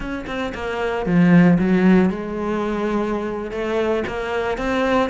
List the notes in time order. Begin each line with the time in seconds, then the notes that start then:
0.00 C#4
0.27 C4
0.54 A#3
1.06 F3
1.58 F#3
2.09 G#3
3.51 A3
4.07 A#3
4.57 C4